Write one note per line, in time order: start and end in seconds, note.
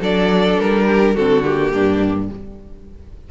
0.00 0.58 F#3
0.00 1.17 D4
0.00 0.86 A4
0.00 0.60 D5
0.60 1.16 G3
0.60 1.17 A#4
0.87 1.15 G4
1.15 1.73 D3
1.15 1.44 C4
1.15 1.72 F#4
1.15 1.44 A4
1.44 2.29 A#3
1.44 2.30 G4
1.73 2.30 G2
1.73 2.31 D4